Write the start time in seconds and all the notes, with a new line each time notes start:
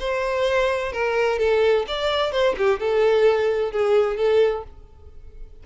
0.00 C5
0.93 A#4
1.39 A4
1.88 D5
2.33 C5
2.58 G4
2.80 A4
3.72 G#4
4.17 A4